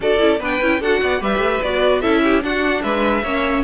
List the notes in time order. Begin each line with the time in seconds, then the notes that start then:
0.00 D4 F#4 A4 D5
0.18 C#4 E4
0.39 B3 D4 B4 G5
0.61 C#4 E4
0.80 D4 F#4 A4 F#5
1.01 B3 D5
1.19 G3 G4 B4 E5
1.38 A3
1.62 B3 F#4 D5
2.01 C#4 E4 A4 E5
2.23 G4
2.42 D4 F#4 F#5
2.82 G#3 B4 E5
3.22 A#3 C#4 C#5